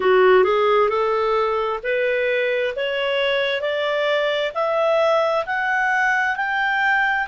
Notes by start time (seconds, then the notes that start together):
0.00 F#4
0.43 G#4
0.88 A4
1.83 B4
2.76 C#5
3.61 D5
4.54 E5
5.45 F#5
6.36 G5